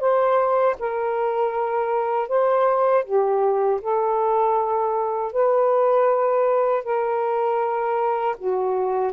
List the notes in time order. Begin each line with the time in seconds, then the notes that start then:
0.00 C5
0.79 A#4
2.29 C5
3.04 G4
3.81 A4
5.32 B4
6.84 A#4
8.38 F#4